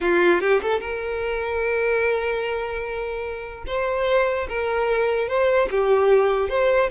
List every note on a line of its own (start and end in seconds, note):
0.01 0.40 F4
0.40 0.61 G4
0.62 0.80 A4
0.80 3.64 A#4
3.66 4.47 C5
4.48 5.28 A#4
5.28 5.68 C5
5.70 6.49 G4
6.49 6.90 C5